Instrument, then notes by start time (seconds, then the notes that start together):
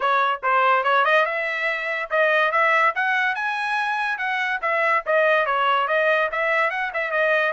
trumpet
0.00 C#5
0.42 C5
0.83 C#5
1.05 D#5
1.25 E5
2.10 D#5
2.51 E5
2.95 F#5
3.35 G#5
4.17 F#5
4.61 E5
5.06 D#5
5.46 C#5
5.87 D#5
6.31 E5
6.70 F#5
6.93 E5
7.11 D#5